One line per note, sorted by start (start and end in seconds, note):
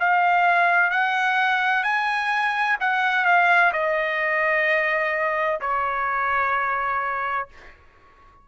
0.00 0.91 F5
0.91 1.83 F#5
1.83 2.77 G#5
2.80 3.25 F#5
3.25 3.72 F5
3.73 5.60 D#5
5.61 7.48 C#5